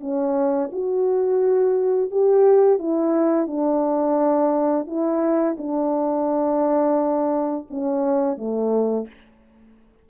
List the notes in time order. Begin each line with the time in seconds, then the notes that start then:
0.00 C#4
0.72 F#4
2.11 G4
2.78 E4
3.47 D4
4.86 E4
5.57 D4
7.70 C#4
8.37 A3